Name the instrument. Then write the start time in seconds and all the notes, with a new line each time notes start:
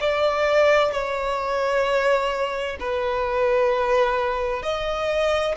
violin
0.00 D5
0.92 C#5
2.79 B4
4.62 D#5